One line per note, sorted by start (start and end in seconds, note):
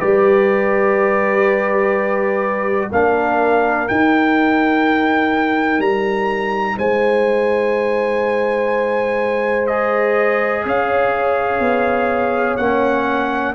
0.00 2.92 G3
0.00 2.91 G4
0.00 2.90 B4
0.00 2.91 D5
2.92 3.89 A#3
2.92 3.89 D4
2.92 6.77 A#4
2.92 3.89 F5
3.89 9.69 D#4
3.89 5.79 D#4
3.89 5.81 G5
5.79 6.76 G3
5.79 6.78 A#5
6.77 10.66 G#3
6.77 10.64 C5
6.77 9.67 G#5
9.67 12.59 G#4
9.67 10.64 D#5
10.66 11.60 C#4
10.66 13.55 C#5
10.66 12.57 F5
11.60 12.57 B3
12.57 13.55 A#3
12.57 13.55 C#4
12.57 13.54 F#5